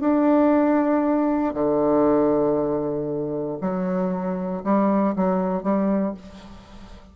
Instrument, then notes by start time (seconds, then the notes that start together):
bassoon
0.00 D4
1.53 D3
3.61 F#3
4.63 G3
5.16 F#3
5.63 G3